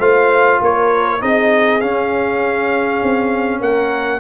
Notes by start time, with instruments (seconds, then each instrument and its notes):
0.00 tuba A3, trombone F4, horn C5, trumpet F5
0.61 tuba A#3, horn A#4, trumpet C#5
1.21 tuba C4, trombone D#4, horn G#4, trumpet D#5
1.81 trombone C#4, tuba C#4, trumpet F5
3.03 tuba C4
3.61 tuba A#3, horn A#4, trumpet F#5